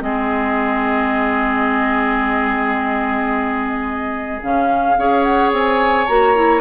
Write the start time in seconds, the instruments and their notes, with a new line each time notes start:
0.00 bassoon G#3, clarinet C4, oboe G#4, flute D#5
4.42 bassoon C#3, clarinet C#4, flute F5
4.97 bassoon C#4, clarinet G#4, oboe C#5
5.23 flute F#5
5.52 bassoon C4, flute G#5
6.07 bassoon A#3, clarinet F#4, flute A#5
6.35 clarinet E4